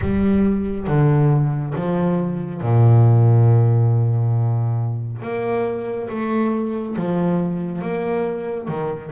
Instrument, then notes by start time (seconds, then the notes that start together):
double bass
0.01 G3
0.87 D3
1.75 F3
2.61 A#2
5.22 A#3
6.09 A3
6.96 F3
7.81 A#3
8.68 D#3